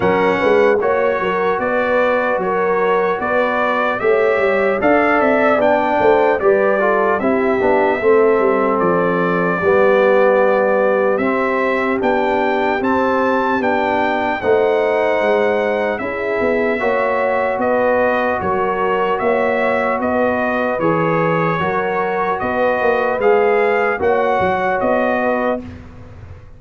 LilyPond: <<
  \new Staff \with { instrumentName = "trumpet" } { \time 4/4 \tempo 4 = 75 fis''4 cis''4 d''4 cis''4 | d''4 e''4 f''8 e''8 g''4 | d''4 e''2 d''4~ | d''2 e''4 g''4 |
a''4 g''4 fis''2 | e''2 dis''4 cis''4 | e''4 dis''4 cis''2 | dis''4 f''4 fis''4 dis''4 | }
  \new Staff \with { instrumentName = "horn" } { \time 4/4 ais'8 b'8 cis''8 ais'8 b'4 ais'4 | b'4 cis''4 d''4. c''8 | b'8 a'8 g'4 a'2 | g'1~ |
g'2 c''2 | gis'4 cis''4 b'4 ais'4 | cis''4 b'2 ais'4 | b'2 cis''4. b'8 | }
  \new Staff \with { instrumentName = "trombone" } { \time 4/4 cis'4 fis'2.~ | fis'4 g'4 a'4 d'4 | g'8 f'8 e'8 d'8 c'2 | b2 c'4 d'4 |
c'4 d'4 dis'2 | e'4 fis'2.~ | fis'2 gis'4 fis'4~ | fis'4 gis'4 fis'2 | }
  \new Staff \with { instrumentName = "tuba" } { \time 4/4 fis8 gis8 ais8 fis8 b4 fis4 | b4 a8 g8 d'8 c'8 b8 a8 | g4 c'8 b8 a8 g8 f4 | g2 c'4 b4 |
c'4 b4 a4 gis4 | cis'8 b8 ais4 b4 fis4 | ais4 b4 e4 fis4 | b8 ais8 gis4 ais8 fis8 b4 | }
>>